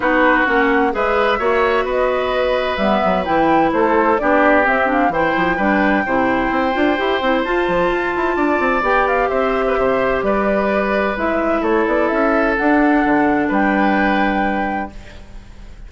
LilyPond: <<
  \new Staff \with { instrumentName = "flute" } { \time 4/4 \tempo 4 = 129 b'4 fis''4 e''2 | dis''2 e''4 g''4 | c''4 d''4 e''8 f''8 g''4~ | g''1 |
a''2. g''8 f''8 | e''2 d''2 | e''4 cis''8 d''8 e''4 fis''4~ | fis''4 g''2. | }
  \new Staff \with { instrumentName = "oboe" } { \time 4/4 fis'2 b'4 cis''4 | b'1 | a'4 g'2 c''4 | b'4 c''2.~ |
c''2 d''2 | c''8. b'16 c''4 b'2~ | b'4 a'2.~ | a'4 b'2. | }
  \new Staff \with { instrumentName = "clarinet" } { \time 4/4 dis'4 cis'4 gis'4 fis'4~ | fis'2 b4 e'4~ | e'4 d'4 c'8 d'8 e'4 | d'4 e'4. f'8 g'8 e'8 |
f'2. g'4~ | g'1 | e'2. d'4~ | d'1 | }
  \new Staff \with { instrumentName = "bassoon" } { \time 4/4 b4 ais4 gis4 ais4 | b2 g8 fis8 e4 | a4 b4 c'4 e8 f8 | g4 c4 c'8 d'8 e'8 c'8 |
f'8 f8 f'8 e'8 d'8 c'8 b4 | c'4 c4 g2 | gis4 a8 b8 cis'4 d'4 | d4 g2. | }
>>